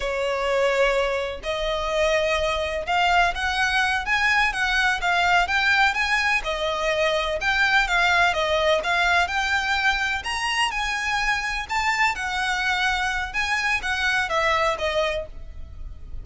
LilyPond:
\new Staff \with { instrumentName = "violin" } { \time 4/4 \tempo 4 = 126 cis''2. dis''4~ | dis''2 f''4 fis''4~ | fis''8 gis''4 fis''4 f''4 g''8~ | g''8 gis''4 dis''2 g''8~ |
g''8 f''4 dis''4 f''4 g''8~ | g''4. ais''4 gis''4.~ | gis''8 a''4 fis''2~ fis''8 | gis''4 fis''4 e''4 dis''4 | }